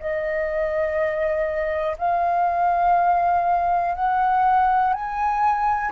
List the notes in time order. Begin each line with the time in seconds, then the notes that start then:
0.00 D#5
1.98 F5
3.95 F#5
4.94 G#5